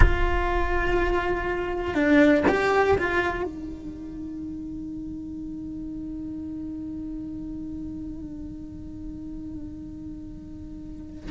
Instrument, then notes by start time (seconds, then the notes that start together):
cello
0.00 F4
1.94 D4
2.48 G4
2.98 F4
3.43 D#4